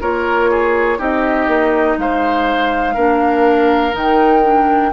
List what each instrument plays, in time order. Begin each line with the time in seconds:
0.00 bassoon A#3, clarinet F4, oboe A#4, flute C#5
0.50 oboe G#4
0.98 bassoon C4, clarinet D#4, oboe G4, flute D#5
1.47 bassoon A#3
1.97 bassoon G#3, oboe C5, flute F5
2.93 bassoon A#3, clarinet D4, oboe A#4
3.92 bassoon D#3, clarinet D#4, flute G5
4.42 clarinet D4